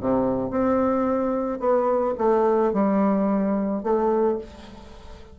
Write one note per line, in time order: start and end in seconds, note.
0.00 0.50 C3
0.50 1.59 C4
1.59 2.14 B3
2.18 2.73 A3
2.73 3.83 G3
3.83 4.38 A3